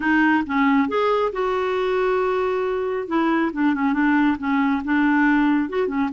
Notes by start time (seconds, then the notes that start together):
0.00 D#4
0.46 C#4
0.88 G#4
1.32 F#4
3.07 E4
3.52 D4
3.74 C#4
3.93 D4
4.38 C#4
4.84 D4
5.69 F#4
5.87 C#4